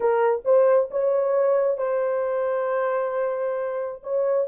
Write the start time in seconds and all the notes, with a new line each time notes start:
0.00 A#4
0.45 C5
0.90 C#5
1.77 C5
4.03 C#5